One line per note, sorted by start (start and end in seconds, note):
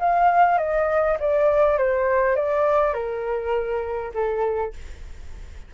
0.00 0.59 F5
0.59 1.18 D#5
1.20 1.78 D5
1.78 2.37 C5
2.37 2.94 D5
2.94 4.13 A#4
4.14 4.74 A4